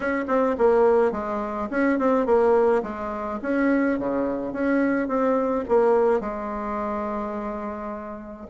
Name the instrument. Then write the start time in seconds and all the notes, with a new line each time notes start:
bassoon
0.00 C#4
0.27 C4
0.58 A#3
1.11 G#3
1.70 C#4
1.98 C4
2.25 A#3
2.83 G#3
3.42 C#4
3.98 C#3
4.53 C#4
5.08 C4
5.68 A#3
6.20 G#3